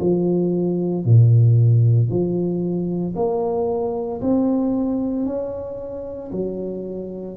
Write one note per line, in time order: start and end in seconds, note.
0.00 1.05 F3
1.05 2.10 A#2
2.10 3.15 F3
3.16 4.21 A#3
4.22 5.26 C4
5.26 6.32 C#4
6.32 7.37 F#3